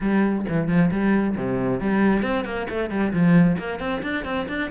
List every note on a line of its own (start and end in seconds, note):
0.00 0.45 G3
0.48 0.67 E3
0.67 0.90 F3
0.91 1.36 G3
1.36 1.80 C3
1.80 2.22 G3
2.22 2.44 C4
2.44 2.67 A#3
2.69 2.90 A3
2.90 3.12 G3
3.12 3.57 F3
3.58 3.79 A#3
3.79 4.02 C4
4.02 4.24 D4
4.24 4.47 C4
4.48 4.70 D4